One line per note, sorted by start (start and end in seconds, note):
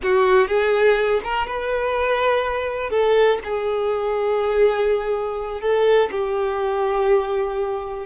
0.02 0.47 F#4
0.47 1.20 G#4
1.23 1.46 A#4
1.46 2.89 B4
2.89 3.38 A4
3.44 5.60 G#4
5.60 6.09 A4
6.11 8.06 G4